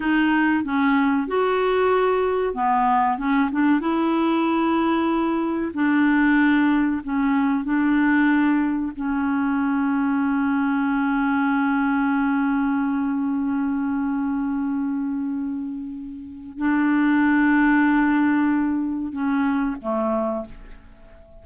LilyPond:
\new Staff \with { instrumentName = "clarinet" } { \time 4/4 \tempo 4 = 94 dis'4 cis'4 fis'2 | b4 cis'8 d'8 e'2~ | e'4 d'2 cis'4 | d'2 cis'2~ |
cis'1~ | cis'1~ | cis'2 d'2~ | d'2 cis'4 a4 | }